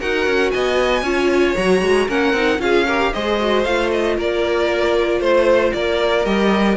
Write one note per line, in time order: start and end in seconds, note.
0.00 0.26 D#4
0.00 1.04 F#4
0.00 0.52 A#4
0.00 0.51 F#5
0.26 0.52 C#4
0.51 1.02 B3
0.51 1.03 D#5
0.51 1.55 G#5
1.02 1.54 C#4
1.02 1.56 F4
1.02 2.07 C#5
1.56 1.82 F#3
1.56 2.08 F#4
1.56 2.08 A#5
1.82 2.08 G#3
2.07 2.32 A#3
2.07 2.34 C#4
2.07 2.60 A#4
2.07 2.61 F#5
2.32 2.58 C4
2.32 2.59 D#4
2.59 3.11 C#4
2.59 2.85 F4
2.59 2.86 G#4
2.59 3.13 F5
2.86 3.13 G4
2.86 3.12 A#4
3.13 3.65 G#3
3.13 3.40 G#4
3.13 4.17 C5
3.13 3.64 D#5
3.40 3.66 F#4
3.64 4.17 A3
3.64 6.25 F4
3.64 3.90 F5
3.91 4.17 D#5
4.17 5.20 A#3
4.17 5.19 A#4
4.17 5.22 D5
5.19 5.72 A3
5.19 5.71 C5
5.19 5.73 C5
5.73 6.25 A#3
5.73 6.77 A#4
5.73 6.25 D5
6.25 6.77 G3
6.25 6.77 G4
6.25 6.77 D#5